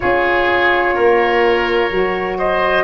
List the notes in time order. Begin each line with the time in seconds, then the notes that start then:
0.00 C#4 F4 G#4 C#5
0.94 A#3 A#4
1.90 F#3 F#4
2.38 C5 D#5